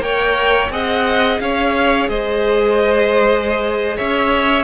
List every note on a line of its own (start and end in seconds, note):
0.00 0.69 A#3
0.00 0.69 A#4
0.00 0.72 C#5
0.00 0.71 G5
0.70 1.39 C4
0.70 4.64 G#4
0.70 1.41 D#5
0.70 1.40 F#5
1.40 2.08 C#4
1.40 2.10 C#5
1.40 2.09 F5
2.08 3.98 G#3
2.08 3.96 C5
2.08 3.97 D#5
3.96 4.64 C#4
3.96 4.64 C#5
3.96 4.64 E5